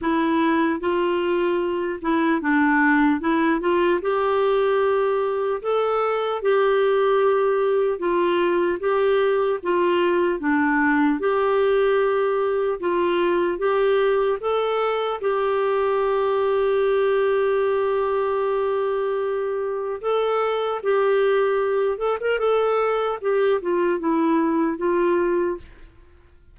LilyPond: \new Staff \with { instrumentName = "clarinet" } { \time 4/4 \tempo 4 = 75 e'4 f'4. e'8 d'4 | e'8 f'8 g'2 a'4 | g'2 f'4 g'4 | f'4 d'4 g'2 |
f'4 g'4 a'4 g'4~ | g'1~ | g'4 a'4 g'4. a'16 ais'16 | a'4 g'8 f'8 e'4 f'4 | }